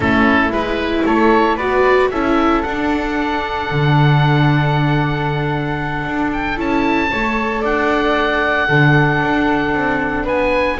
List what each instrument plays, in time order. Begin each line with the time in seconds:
0.00 double bass A3, viola C#4, flute E4, oboe A4
0.50 double bass G#3, viola E4, oboe B4
1.05 double bass A3, flute A4, oboe C#5
1.56 double bass B3, viola F#4, flute B4, oboe D5
2.10 double bass C#4, viola E4, flute A4, oboe E5
2.62 double bass D4, viola D4, oboe F#5
3.70 double bass D3
6.05 double bass D4
6.32 oboe G5
6.56 double bass C#4, viola E4, oboe A5
7.10 double bass A3, viola A4, flute C#5
7.61 double bass D4, flute D5, oboe F#5
8.68 double bass D3, viola D4, flute A4
9.21 double bass D4
9.74 double bass C4
10.24 double bass B3, flute B4, oboe G#5